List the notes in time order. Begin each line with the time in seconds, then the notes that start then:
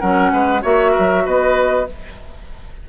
0.00 F#3 C#4 A#4 F#5
0.33 G#3 B4
0.62 A#3 F#4 C#5 E5
0.92 A#4
0.99 F#3
1.26 B3 B4 D#5